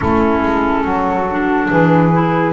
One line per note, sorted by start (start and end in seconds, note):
0.00 0.42 A3
0.00 1.25 C#4
0.00 0.83 E4
0.00 1.69 A4
0.42 0.84 G#3
0.83 1.69 F#3
0.83 1.67 F#4
1.30 2.12 D4
1.68 2.53 E3
1.68 2.53 G#4
1.68 2.53 B4
2.12 2.53 E4